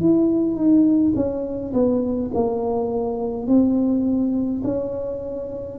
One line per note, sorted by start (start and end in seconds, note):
0.00 0.55 E4
0.55 1.13 D#4
1.15 1.73 C#4
1.73 2.31 B3
2.34 3.47 A#3
3.47 4.62 C4
4.63 5.78 C#4